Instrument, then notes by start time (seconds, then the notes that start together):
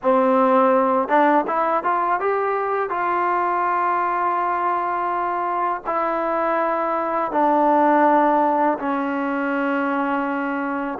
trombone
0.02 C4
1.08 D4
1.47 E4
1.83 F4
2.20 G4
2.89 F4
5.86 E4
7.31 D4
8.78 C#4